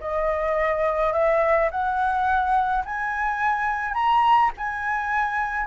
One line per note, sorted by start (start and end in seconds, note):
0.00 1.13 D#5
1.13 1.69 E5
1.71 2.84 F#5
2.85 3.94 G#5
3.94 4.51 A#5
4.57 5.66 G#5